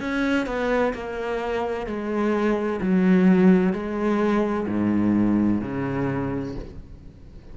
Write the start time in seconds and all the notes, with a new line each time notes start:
0.00 C#4
0.46 B3
0.94 A#3
1.86 G#3
2.81 F#3
3.72 G#3
4.67 G#2
5.61 C#3